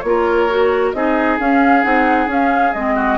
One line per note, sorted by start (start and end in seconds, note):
0.00 0.93 A#3
0.00 0.49 F4
0.00 0.96 A#4
0.00 0.90 C#5
0.49 0.94 F#4
0.92 1.38 C4
0.92 1.39 D#4
0.92 2.95 G#4
0.92 1.37 D#5
1.39 1.83 C#4
1.39 1.84 C#4
1.39 1.83 F5
1.83 2.27 C4
1.83 2.28 D#4
1.83 2.28 F#5
2.27 2.72 C#4
2.27 2.73 C#4
2.27 2.73 F5
2.73 3.18 G#3
2.73 3.18 C4
2.73 3.18 D#5
2.95 3.17 F#4